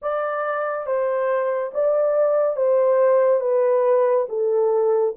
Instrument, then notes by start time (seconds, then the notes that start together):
horn
0.02 D5
0.86 C5
1.74 D5
2.56 C5
3.40 B4
4.29 A4